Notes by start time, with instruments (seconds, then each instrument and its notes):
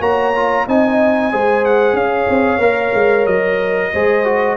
0.00 tuba A#3, trombone F#4, horn C#5, trumpet A#5
0.36 trombone F4
0.67 tuba C4, trombone D#4, horn D#5, trumpet G#5
1.32 tuba G#3, trombone G#4, horn C5
1.65 trumpet F#5
1.93 tuba C#4, horn C#5, trumpet F5
2.30 tuba C4
2.59 tuba A#3, trombone A#4
2.94 tuba G#3
3.26 tuba F#3, trumpet D#5
3.93 tuba G#3, trombone G#4, horn C5
4.25 trombone F#4